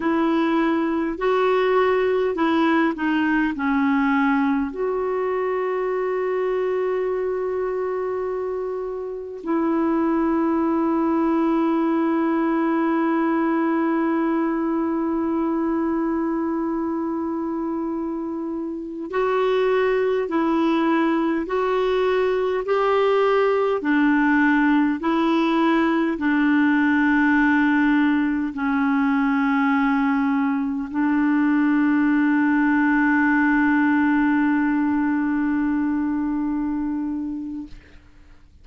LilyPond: \new Staff \with { instrumentName = "clarinet" } { \time 4/4 \tempo 4 = 51 e'4 fis'4 e'8 dis'8 cis'4 | fis'1 | e'1~ | e'1~ |
e'16 fis'4 e'4 fis'4 g'8.~ | g'16 d'4 e'4 d'4.~ d'16~ | d'16 cis'2 d'4.~ d'16~ | d'1 | }